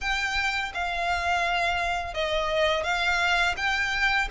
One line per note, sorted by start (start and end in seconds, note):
0.01 0.72 G5
0.73 2.14 F5
2.14 2.83 D#5
2.83 3.55 F5
3.56 4.28 G5